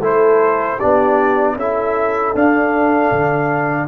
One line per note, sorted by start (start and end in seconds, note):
0.00 0.77 A3
0.00 0.79 E4
0.00 0.77 A4
0.00 0.80 C5
0.77 1.59 D4
0.77 1.54 G4
0.77 1.57 D5
0.84 1.57 B3
1.57 2.34 C#4
1.57 2.36 E4
1.57 3.89 A4
1.57 2.36 E5
2.35 3.12 D4
2.35 3.89 D4
2.35 3.89 F5
3.12 3.89 D3